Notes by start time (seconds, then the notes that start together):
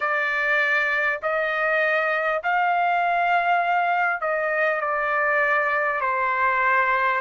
0.00 D5
1.22 D#5
2.43 F5
4.21 D#5
4.80 D5
6.01 C5